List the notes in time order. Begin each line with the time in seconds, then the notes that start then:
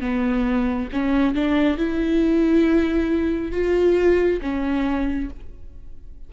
0.00 B3
0.93 C#4
1.35 D4
1.77 E4
3.52 F4
4.42 C#4